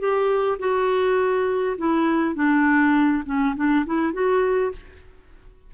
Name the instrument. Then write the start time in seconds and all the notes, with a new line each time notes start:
clarinet
0.00 G4
0.59 F#4
1.78 E4
2.36 D4
3.26 C#4
3.56 D4
3.86 E4
4.13 F#4